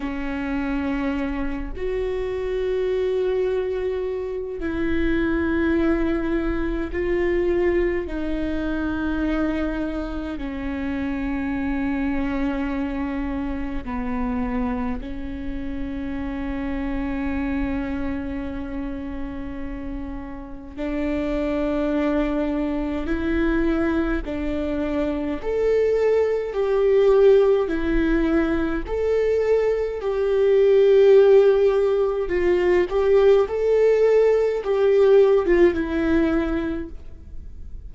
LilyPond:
\new Staff \with { instrumentName = "viola" } { \time 4/4 \tempo 4 = 52 cis'4. fis'2~ fis'8 | e'2 f'4 dis'4~ | dis'4 cis'2. | b4 cis'2.~ |
cis'2 d'2 | e'4 d'4 a'4 g'4 | e'4 a'4 g'2 | f'8 g'8 a'4 g'8. f'16 e'4 | }